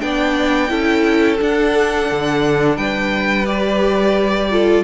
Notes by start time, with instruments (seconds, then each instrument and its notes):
0.00 cello B3, viola D4, violin D5 G5
0.69 cello C#4, viola E4, violin A4
1.38 viola D4, cello D4, violin F#5
2.11 cello D3
2.77 cello G3, violin B4 G5
3.46 viola G4, violin D5
4.51 viola F4, violin A4